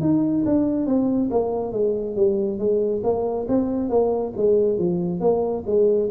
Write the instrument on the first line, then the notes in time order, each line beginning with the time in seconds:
tuba
0.00 D#4
0.45 D4
0.86 C4
1.30 A#3
1.72 G#3
2.16 G3
2.58 G#3
3.03 A#3
3.48 C4
3.89 A#3
4.36 G#3
4.78 F3
5.20 A#3
5.66 G#3